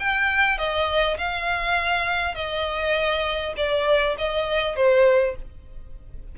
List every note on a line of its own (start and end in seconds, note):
0.00 0.58 G5
0.58 1.17 D#5
1.18 2.35 F5
2.35 3.54 D#5
3.57 4.16 D5
4.18 4.76 D#5
4.76 5.36 C5